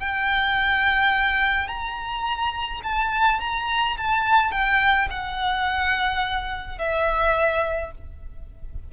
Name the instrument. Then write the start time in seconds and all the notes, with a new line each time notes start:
violin
0.00 G5
1.68 A#5
2.84 A5
3.41 A#5
3.98 A5
4.52 G5
5.10 F#5
6.79 E5